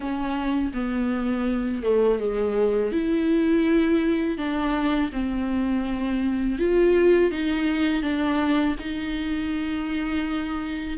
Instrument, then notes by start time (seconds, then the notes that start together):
viola
0.00 C#4
0.73 B3
1.82 A3
2.19 G#3
2.92 E4
4.37 D4
5.12 C4
6.58 F4
7.31 D#4
8.02 D4
8.79 D#4